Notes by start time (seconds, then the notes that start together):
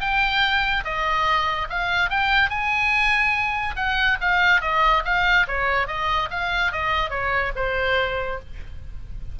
0.00 G5
0.84 D#5
1.69 F5
2.10 G5
2.49 G#5
3.76 F#5
4.20 F5
4.61 D#5
5.04 F5
5.47 C#5
5.87 D#5
6.30 F5
6.72 D#5
7.10 C#5
7.55 C5